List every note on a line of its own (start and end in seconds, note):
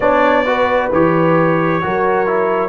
0.00 0.90 B3
0.00 0.45 D4
0.00 0.45 C#5
0.00 0.91 D5
0.45 0.91 F#4
0.45 1.83 B4
0.91 1.82 E3
0.91 1.82 G4
0.91 2.69 C#5
1.82 2.69 F#3
1.82 2.26 F#4
1.82 2.69 A#4
2.26 2.69 E4